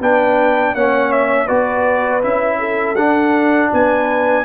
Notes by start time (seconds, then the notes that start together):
0.00 B3 D4 B4 G5
0.74 A#3 C#4 C#5 F#5
1.12 E5
1.46 B3 F#4 B4 D5
2.22 C#4 E4 E5
2.59 A4
2.96 D4 F#5
3.73 B3 B4 G#5